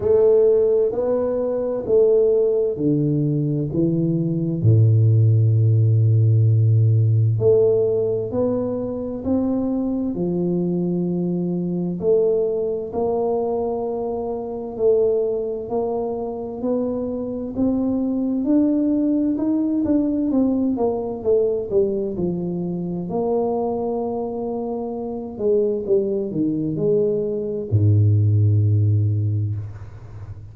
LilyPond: \new Staff \with { instrumentName = "tuba" } { \time 4/4 \tempo 4 = 65 a4 b4 a4 d4 | e4 a,2. | a4 b4 c'4 f4~ | f4 a4 ais2 |
a4 ais4 b4 c'4 | d'4 dis'8 d'8 c'8 ais8 a8 g8 | f4 ais2~ ais8 gis8 | g8 dis8 gis4 gis,2 | }